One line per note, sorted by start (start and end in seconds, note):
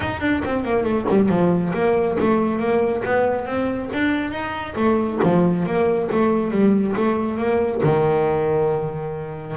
0.00 0.20 D#4
0.20 0.42 D4
0.44 0.64 C4
0.64 0.84 A#3
0.84 1.05 A3
1.09 1.28 G3
1.28 1.72 F3
1.73 2.17 A#3
2.19 2.59 A3
2.59 3.02 A#3
3.05 3.46 B3
3.46 3.89 C4
3.93 4.31 D4
4.31 4.74 D#4
4.75 5.19 A3
5.23 5.65 F3
5.65 6.09 A#3
6.11 6.51 A3
6.51 6.94 G3
6.96 7.38 A3
7.38 7.81 A#3
7.83 9.56 D#3